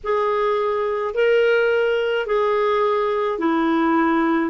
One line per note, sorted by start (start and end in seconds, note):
0.03 1.14 G#4
1.14 2.26 A#4
2.26 3.39 G#4
3.39 4.50 E4